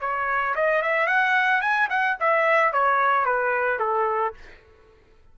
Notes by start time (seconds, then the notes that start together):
0.00 C#5
0.55 D#5
0.82 E5
1.07 F#5
1.61 G#5
1.89 F#5
2.20 E5
2.72 C#5
3.25 B4
3.79 A4